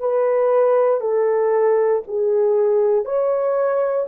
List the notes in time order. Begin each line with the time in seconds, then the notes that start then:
0.00 B4
1.01 A4
2.08 G#4
3.05 C#5